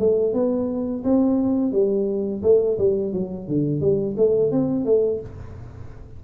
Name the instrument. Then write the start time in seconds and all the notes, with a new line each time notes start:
tuba
0.00 A3
0.34 B3
1.04 C4
1.72 G3
2.43 A3
2.78 G3
3.13 F#3
3.48 D3
3.81 G3
4.17 A3
4.52 C4
4.86 A3